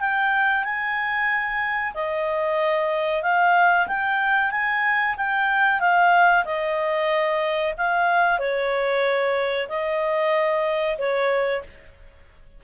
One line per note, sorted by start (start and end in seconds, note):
0.00 0.64 G5
0.64 1.93 G#5
1.94 3.22 D#5
3.22 3.87 F5
3.87 4.50 G5
4.50 5.15 G#5
5.16 5.80 G5
5.80 6.44 F5
6.45 7.74 D#5
7.77 8.39 F5
8.39 9.68 C#5
9.68 10.97 D#5
10.98 11.62 C#5